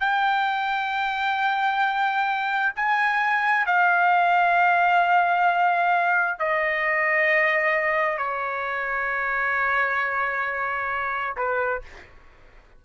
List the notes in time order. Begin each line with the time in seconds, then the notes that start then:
0.00 G5
2.76 G#5
3.66 F5
6.39 D#5
8.17 C#5
11.36 B4